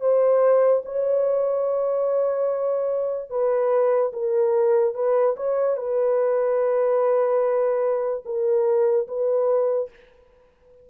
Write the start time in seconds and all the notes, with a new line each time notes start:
0.00 C5
0.85 C#5
3.30 B4
4.12 A#4
4.94 B4
5.36 C#5
5.76 B4
8.25 A#4
9.07 B4